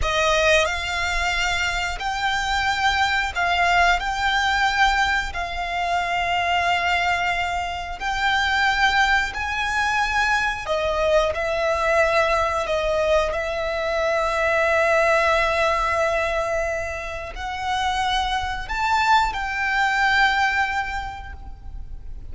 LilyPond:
\new Staff \with { instrumentName = "violin" } { \time 4/4 \tempo 4 = 90 dis''4 f''2 g''4~ | g''4 f''4 g''2 | f''1 | g''2 gis''2 |
dis''4 e''2 dis''4 | e''1~ | e''2 fis''2 | a''4 g''2. | }